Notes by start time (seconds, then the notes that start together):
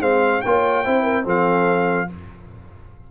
0.00 G#3 C4 C5 F5
0.41 A#3 F4 C#5 G5
0.84 C4 E4 C5
1.03 A#4
1.24 F3 C4 A4 F5